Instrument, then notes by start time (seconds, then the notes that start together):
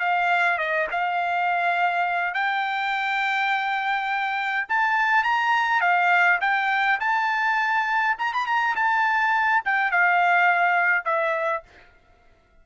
trumpet
0.00 F5
0.58 D#5
0.91 F5
2.34 G5
4.69 A5
5.24 A#5
5.81 F5
6.41 G5
7.00 A5
8.19 A#5
8.34 B5
8.46 A#5
8.76 A5
9.65 G5
9.91 F5
11.05 E5